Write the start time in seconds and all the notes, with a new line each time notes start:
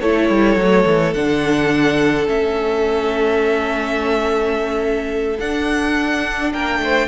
0.00 A3 E4 A4 C#5
0.29 G3
0.55 F#3 A3
0.86 E3
1.13 D3 D4 F#5
2.27 A3 C#4 E5
5.39 D4 F#5
6.52 A#3 A#4 G5
6.79 A3 C5